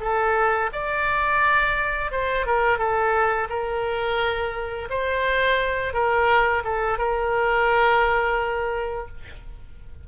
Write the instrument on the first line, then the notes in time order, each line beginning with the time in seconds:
oboe
0.00 A4
0.72 D5
2.11 C5
2.46 A#4
2.78 A4
3.49 A#4
4.89 C5
5.93 A#4
6.64 A4
6.98 A#4